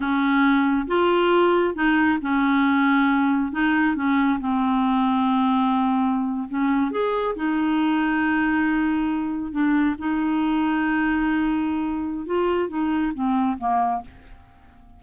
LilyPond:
\new Staff \with { instrumentName = "clarinet" } { \time 4/4 \tempo 4 = 137 cis'2 f'2 | dis'4 cis'2. | dis'4 cis'4 c'2~ | c'2~ c'8. cis'4 gis'16~ |
gis'8. dis'2.~ dis'16~ | dis'4.~ dis'16 d'4 dis'4~ dis'16~ | dis'1 | f'4 dis'4 c'4 ais4 | }